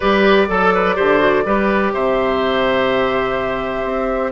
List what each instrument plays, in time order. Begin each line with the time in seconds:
0.00 bassoon G3, clarinet G4, oboe B4, flute D5
0.48 bassoon F#3, clarinet A4, oboe A4
0.74 oboe B4
0.95 bassoon D3, clarinet G4, oboe C5
1.19 clarinet F#4
1.44 bassoon G3, clarinet G4, oboe B4
1.93 bassoon C3, oboe C5, flute E5
3.84 bassoon C4